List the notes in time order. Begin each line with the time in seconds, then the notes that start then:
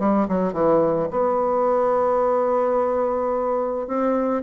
0.00 G3
0.29 F#3
0.53 E3
1.11 B3
3.88 C4